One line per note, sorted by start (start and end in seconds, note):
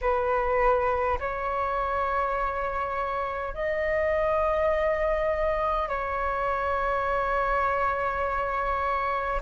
0.01 1.18 B4
1.19 3.53 C#5
3.53 5.88 D#5
5.88 9.41 C#5